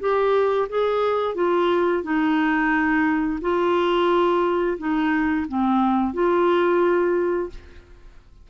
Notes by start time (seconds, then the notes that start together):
0.00 G4
0.69 G#4
1.35 F4
2.03 D#4
3.41 F4
4.78 D#4
5.48 C4
6.13 F4